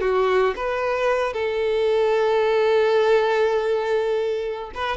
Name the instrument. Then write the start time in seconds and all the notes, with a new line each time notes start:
violin
0.00 F#4
0.56 B4
1.33 A4
4.74 B4